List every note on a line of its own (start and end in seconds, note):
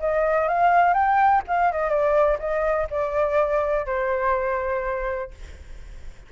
0.00 0.48 D#5
0.48 0.94 F5
0.94 1.43 G5
1.48 1.72 F5
1.72 1.90 D#5
1.90 2.38 D5
2.40 2.88 D#5
2.91 3.86 D5
3.86 5.31 C5